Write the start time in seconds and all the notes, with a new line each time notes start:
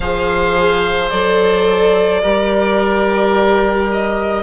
0.00 F3 G#4 C5 F5
1.10 F#3 A4 D5
2.22 G3 G4 A#4
3.91 D#5